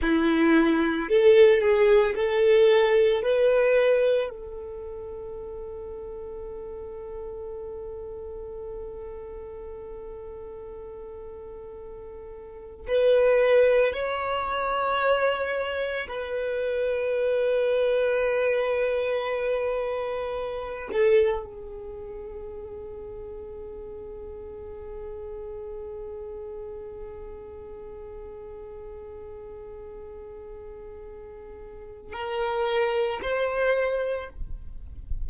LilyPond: \new Staff \with { instrumentName = "violin" } { \time 4/4 \tempo 4 = 56 e'4 a'8 gis'8 a'4 b'4 | a'1~ | a'1 | b'4 cis''2 b'4~ |
b'2.~ b'8 a'8 | gis'1~ | gis'1~ | gis'2 ais'4 c''4 | }